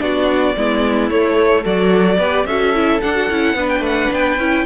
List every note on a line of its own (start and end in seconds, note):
0.00 0.56 B3
0.00 0.55 D4
0.00 0.57 F#4
0.00 1.10 D5
0.57 1.10 G#3
0.57 1.12 B3
0.57 1.65 E4
1.10 1.65 A3
1.10 1.63 A3
1.10 1.64 C#5
1.63 2.19 F#3
1.63 2.19 F#4
1.63 2.18 A4
1.63 2.46 D5
2.19 2.45 B3
2.19 2.48 G4
2.19 2.46 B4
2.45 3.00 C#4
2.45 2.75 F#4
2.45 3.56 A4
2.45 3.01 E5
2.75 3.02 E4
3.02 3.15 D4
3.02 3.30 D4
3.02 3.69 F#5
3.15 3.29 F#4
3.30 3.55 C#4
3.30 3.58 E4
3.55 3.80 B3
3.55 4.40 D4
3.55 4.65 B4
3.69 3.83 G5
3.80 4.08 A3
3.80 4.13 F#5
4.12 4.38 B3
4.12 4.66 G5
4.38 4.65 C#4
4.38 4.66 E4